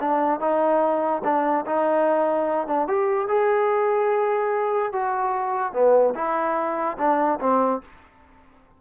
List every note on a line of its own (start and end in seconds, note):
0.00 0.40 D4
0.40 1.23 D#4
1.24 1.65 D4
1.66 2.67 D#4
2.67 2.88 D4
2.88 3.28 G4
3.28 4.93 G#4
4.93 5.73 F#4
5.73 6.14 B3
6.15 6.97 E4
6.98 7.39 D4
7.40 7.82 C4